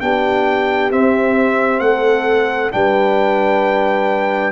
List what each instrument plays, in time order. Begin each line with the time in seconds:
0.00 tuba B3, trombone D4, horn G4, trumpet G5
0.90 trombone C4, tuba C4, trumpet E5
1.80 tuba A3, horn A4, trumpet F#5
2.71 tuba G3, trombone D4, horn B4, trumpet G5